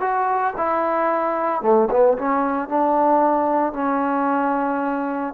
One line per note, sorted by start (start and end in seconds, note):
0.00 0.54 F#4
0.57 1.62 E4
1.62 1.89 A3
1.90 2.17 B3
2.18 2.69 C#4
2.69 3.73 D4
3.73 5.34 C#4